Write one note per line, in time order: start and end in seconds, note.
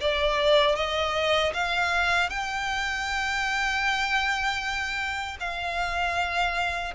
0.00 0.76 D5
0.76 1.52 D#5
1.53 2.29 F5
2.29 5.37 G5
5.40 6.94 F5